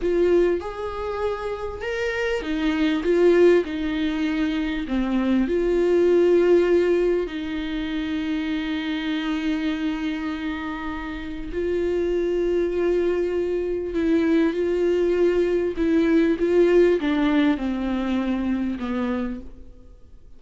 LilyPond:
\new Staff \with { instrumentName = "viola" } { \time 4/4 \tempo 4 = 99 f'4 gis'2 ais'4 | dis'4 f'4 dis'2 | c'4 f'2. | dis'1~ |
dis'2. f'4~ | f'2. e'4 | f'2 e'4 f'4 | d'4 c'2 b4 | }